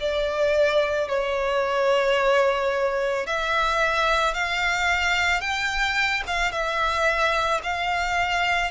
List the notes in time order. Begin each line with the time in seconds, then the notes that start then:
0.00 D5
1.08 C#5
3.26 E5
4.34 F5
5.41 G5
6.27 F5
6.52 E5
7.63 F5